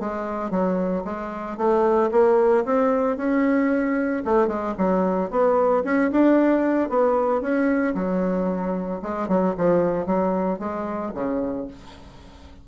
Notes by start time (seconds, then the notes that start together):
0.00 G#3
0.51 F#3
1.05 G#3
1.57 A3
2.11 A#3
2.65 C4
3.17 C#4
4.25 A3
4.48 G#3
4.78 F#3
5.31 B3
5.85 C#4
6.12 D4
6.90 B3
7.41 C#4
7.95 F#3
9.02 G#3
9.28 F#3
9.57 F3
10.06 F#3
10.59 G#3
11.15 C#3